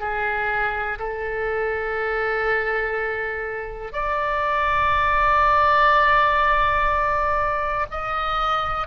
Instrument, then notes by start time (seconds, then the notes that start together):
oboe
0.00 G#4
0.99 A4
3.93 D5
7.91 D#5